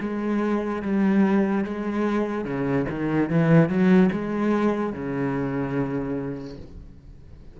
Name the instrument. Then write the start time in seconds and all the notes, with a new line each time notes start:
cello
0.00 G#3
0.82 G3
1.64 G#3
2.45 C#3
2.90 D#3
3.30 E3
3.69 F#3
4.12 G#3
4.93 C#3